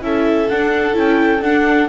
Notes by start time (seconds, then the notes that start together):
0.00 C#4 E4 A4 E5
0.49 D4 F#5
0.93 C#4 E4 G5
1.40 D4 F#5